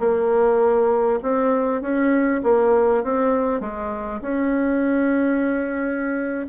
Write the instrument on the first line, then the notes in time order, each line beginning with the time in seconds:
bassoon
0.00 A#3
1.22 C4
1.82 C#4
2.44 A#3
3.04 C4
3.61 G#3
4.22 C#4